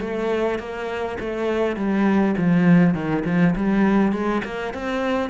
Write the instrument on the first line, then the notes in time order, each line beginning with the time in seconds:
cello
0.00 A3
0.59 A#3
1.20 A3
1.76 G3
2.37 F3
2.94 D#3
3.25 F3
3.56 G3
4.12 G#3
4.44 A#3
4.74 C4